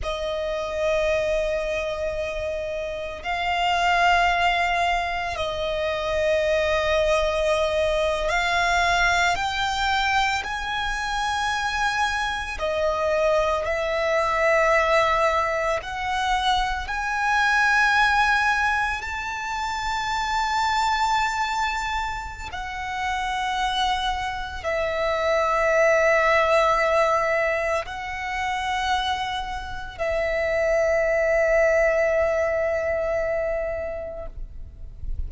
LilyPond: \new Staff \with { instrumentName = "violin" } { \time 4/4 \tempo 4 = 56 dis''2. f''4~ | f''4 dis''2~ dis''8. f''16~ | f''8. g''4 gis''2 dis''16~ | dis''8. e''2 fis''4 gis''16~ |
gis''4.~ gis''16 a''2~ a''16~ | a''4 fis''2 e''4~ | e''2 fis''2 | e''1 | }